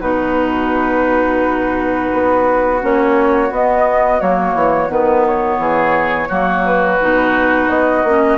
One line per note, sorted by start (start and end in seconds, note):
0.00 2.10 B2
0.00 2.80 D#4
0.00 5.58 F#4
0.00 2.81 B4
2.14 2.83 B3
2.81 3.51 A#3
2.81 3.51 C#4
2.81 3.53 C#5
3.51 4.21 B3
3.51 4.20 B3
3.51 4.21 D#5
4.20 4.55 F#3
4.20 4.89 A#3
4.20 4.91 C#5
4.55 4.90 E3
4.89 5.59 D#3
4.89 6.29 B3
4.89 5.27 B4
5.28 6.66 C#5
5.59 6.29 E3
5.59 6.29 G#4
6.29 7.00 F#3
6.29 7.00 A#3
6.29 8.38 F#4
6.66 7.70 B4
7.01 7.69 B2
7.01 8.06 D#4
7.69 8.04 B3
7.69 8.38 D#5
8.04 8.38 A#3
8.04 8.38 C#4